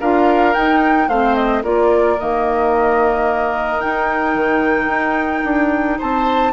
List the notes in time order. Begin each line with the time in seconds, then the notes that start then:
0.00 D4 F4 A#4 F5
0.54 D#4 G5
1.08 A3 C4 C5 F5
1.35 D#5
1.63 A#3 F4 A#4 D5
2.18 D#3 A#3 D#5
3.80 D#4 G5
4.35 D#3
4.87 D#4
5.44 D4
5.98 C4 C5 A5